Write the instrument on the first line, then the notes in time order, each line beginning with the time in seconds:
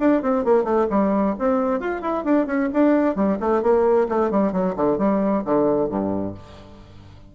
bassoon
0.00 D4
0.22 C4
0.45 A#3
0.64 A3
0.90 G3
1.39 C4
1.80 F4
2.02 E4
2.25 D4
2.47 C#4
2.74 D4
3.16 G3
3.40 A3
3.63 A#3
4.09 A3
4.31 G3
4.53 F#3
4.76 D3
4.99 G3
5.45 D3
5.89 G2